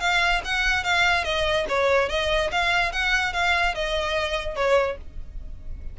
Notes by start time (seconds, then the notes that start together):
0.00 F5
0.45 F#5
0.84 F5
1.24 D#5
1.69 C#5
2.09 D#5
2.51 F5
2.92 F#5
3.33 F5
3.74 D#5
4.56 C#5